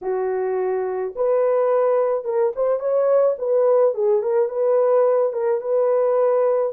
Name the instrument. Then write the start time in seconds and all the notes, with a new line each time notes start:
horn
0.01 F#4
1.15 B4
2.24 A#4
2.55 C5
2.79 C#5
3.38 B4
3.94 G#4
4.22 A#4
4.48 B4
5.33 A#4
5.61 B4